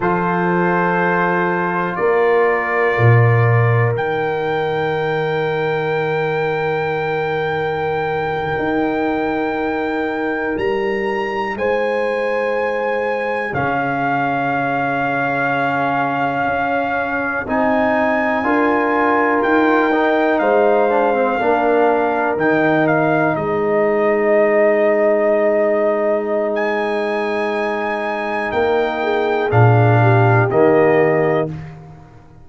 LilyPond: <<
  \new Staff \with { instrumentName = "trumpet" } { \time 4/4 \tempo 4 = 61 c''2 d''2 | g''1~ | g''2~ g''8. ais''4 gis''16~ | gis''4.~ gis''16 f''2~ f''16~ |
f''4.~ f''16 gis''2 g''16~ | g''8. f''2 g''8 f''8 dis''16~ | dis''2. gis''4~ | gis''4 g''4 f''4 dis''4 | }
  \new Staff \with { instrumentName = "horn" } { \time 4/4 a'2 ais'2~ | ais'1~ | ais'2.~ ais'8. c''16~ | c''4.~ c''16 gis'2~ gis'16~ |
gis'2~ gis'8. ais'4~ ais'16~ | ais'8. c''4 ais'2 c''16~ | c''1~ | c''4 ais'8 gis'4 g'4. | }
  \new Staff \with { instrumentName = "trombone" } { \time 4/4 f'1 | dis'1~ | dis'1~ | dis'4.~ dis'16 cis'2~ cis'16~ |
cis'4.~ cis'16 dis'4 f'4~ f'16~ | f'16 dis'4 d'16 c'16 d'4 dis'4~ dis'16~ | dis'1~ | dis'2 d'4 ais4 | }
  \new Staff \with { instrumentName = "tuba" } { \time 4/4 f2 ais4 ais,4 | dis1~ | dis8. dis'2 g4 gis16~ | gis4.~ gis16 cis2~ cis16~ |
cis8. cis'4 c'4 d'4 dis'16~ | dis'8. gis4 ais4 dis4 gis16~ | gis1~ | gis4 ais4 ais,4 dis4 | }
>>